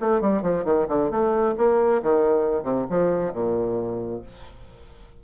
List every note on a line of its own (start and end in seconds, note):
0.00 0.21 A3
0.21 0.42 G3
0.42 0.64 F3
0.65 0.87 D#3
0.88 1.10 D3
1.11 1.55 A3
1.57 2.02 A#3
2.02 2.63 D#3
2.63 2.85 C3
2.90 3.33 F3
3.33 4.22 A#2